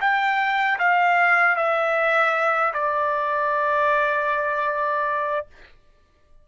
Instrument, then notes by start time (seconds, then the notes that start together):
trumpet
0.00 G5
0.78 F5
1.56 E5
2.73 D5